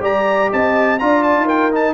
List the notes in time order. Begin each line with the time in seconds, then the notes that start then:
0.00 G3 G4 D5 A#5
0.51 C4 D#5 A5
0.99 D4 F4 D5 A#5
1.23 A5
1.36 D#4
1.45 A#4 G5
1.71 D#4 A5